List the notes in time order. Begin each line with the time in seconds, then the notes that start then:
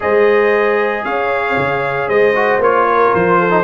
0.00 G#3 G#4 C5 D#5
1.04 C#4 C#5 F5
1.57 C#3
2.08 G#3 C5 D#5
2.35 F#4
2.58 A#3 F4 C#5
2.87 A#4
3.14 F3 C5
3.39 A4
3.50 D#4